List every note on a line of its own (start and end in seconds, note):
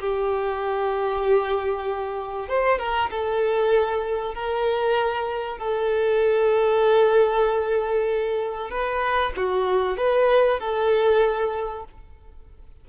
0.00 2.49 G4
2.49 2.79 C5
2.79 3.11 A#4
3.11 4.35 A4
4.35 5.59 A#4
5.59 8.71 A4
8.71 9.33 B4
9.37 9.98 F#4
9.98 10.60 B4
10.60 11.85 A4